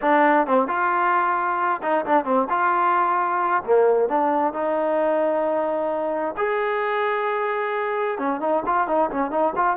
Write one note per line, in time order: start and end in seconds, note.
0.01 0.47 D4
0.47 0.67 C4
0.67 1.81 F4
1.82 2.05 D#4
2.05 2.25 D4
2.25 2.47 C4
2.49 3.63 F4
3.63 4.08 A#3
4.08 4.53 D4
4.53 6.35 D#4
6.37 8.18 G#4
8.18 8.40 C#4
8.40 8.63 D#4
8.66 8.87 F4
8.87 9.10 D#4
9.10 9.30 C#4
9.30 9.53 D#4
9.56 9.76 F4